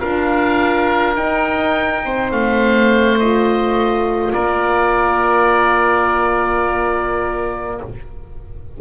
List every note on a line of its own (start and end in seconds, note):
0.00 1.18 D4
0.00 1.16 F4
0.00 2.03 A#4
0.00 1.15 F5
1.16 2.02 D#4
1.16 2.32 D#4
1.16 2.32 G5
2.05 3.20 C4
2.05 4.34 C5
2.32 4.34 A3
2.32 3.19 F5
3.20 7.82 F4
3.20 4.33 D#5
4.33 7.81 A#3
4.33 7.80 A#4
4.33 7.80 D5